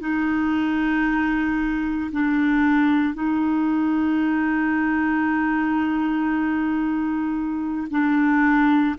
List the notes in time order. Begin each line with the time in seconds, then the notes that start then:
0.00 D#4
2.11 D4
3.14 D#4
7.90 D4